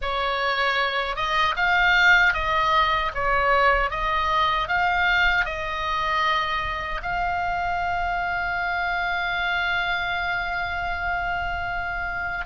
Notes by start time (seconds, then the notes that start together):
0.01 C#5
1.15 D#5
1.56 F5
2.33 D#5
3.14 C#5
3.90 D#5
4.68 F5
5.45 D#5
7.02 F5